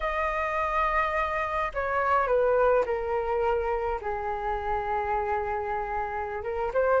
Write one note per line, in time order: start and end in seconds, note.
0.00 1.71 D#5
1.74 2.27 C#5
2.27 2.84 B4
2.85 3.99 A#4
4.01 6.43 G#4
6.43 6.71 A#4
6.73 7.00 C5